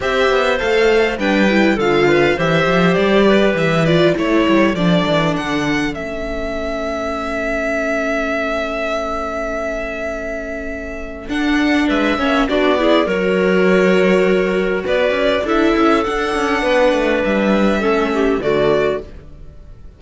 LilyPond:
<<
  \new Staff \with { instrumentName = "violin" } { \time 4/4 \tempo 4 = 101 e''4 f''4 g''4 f''4 | e''4 d''4 e''8 d''8 cis''4 | d''4 fis''4 e''2~ | e''1~ |
e''2. fis''4 | e''4 d''4 cis''2~ | cis''4 d''4 e''4 fis''4~ | fis''4 e''2 d''4 | }
  \new Staff \with { instrumentName = "clarinet" } { \time 4/4 c''2 b'4 a'8 b'8 | c''4. b'4. a'4~ | a'1~ | a'1~ |
a'1 | b'8 cis''8 fis'8 gis'8 ais'2~ | ais'4 b'4 a'2 | b'2 a'8 g'8 fis'4 | }
  \new Staff \with { instrumentName = "viola" } { \time 4/4 g'4 a'4 d'8 e'8 f'4 | g'2~ g'8 f'8 e'4 | d'2 cis'2~ | cis'1~ |
cis'2. d'4~ | d'8 cis'8 d'8 e'8 fis'2~ | fis'2 e'4 d'4~ | d'2 cis'4 a4 | }
  \new Staff \with { instrumentName = "cello" } { \time 4/4 c'8 b8 a4 g4 d4 | e8 f8 g4 e4 a8 g8 | f8 e8 d4 a2~ | a1~ |
a2. d'4 | gis8 ais8 b4 fis2~ | fis4 b8 cis'8 d'8 cis'8 d'8 cis'8 | b8 a8 g4 a4 d4 | }
>>